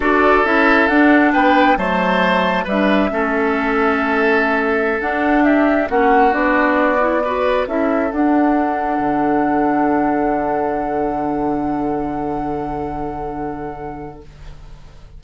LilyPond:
<<
  \new Staff \with { instrumentName = "flute" } { \time 4/4 \tempo 4 = 135 d''4 e''4 fis''4 g''4 | a''2 e''2~ | e''2.~ e''16 fis''8.~ | fis''16 e''4 fis''4 d''4.~ d''16~ |
d''4~ d''16 e''4 fis''4.~ fis''16~ | fis''1~ | fis''1~ | fis''1 | }
  \new Staff \with { instrumentName = "oboe" } { \time 4/4 a'2. b'4 | c''2 b'4 a'4~ | a'1~ | a'16 g'4 fis'2~ fis'8.~ |
fis'16 b'4 a'2~ a'8.~ | a'1~ | a'1~ | a'1 | }
  \new Staff \with { instrumentName = "clarinet" } { \time 4/4 fis'4 e'4 d'2 | a2 d'4 cis'4~ | cis'2.~ cis'16 d'8.~ | d'4~ d'16 cis'4 d'4. e'16~ |
e'16 fis'4 e'4 d'4.~ d'16~ | d'1~ | d'1~ | d'1 | }
  \new Staff \with { instrumentName = "bassoon" } { \time 4/4 d'4 cis'4 d'4 b4 | fis2 g4 a4~ | a2.~ a16 d'8.~ | d'4~ d'16 ais4 b4.~ b16~ |
b4~ b16 cis'4 d'4.~ d'16~ | d'16 d2.~ d8.~ | d1~ | d1 | }
>>